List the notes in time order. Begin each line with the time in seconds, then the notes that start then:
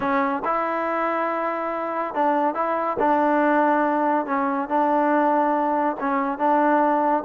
0.00 C#4
0.44 E4
2.14 D4
2.54 E4
2.99 D4
4.26 C#4
4.68 D4
6.00 C#4
6.38 D4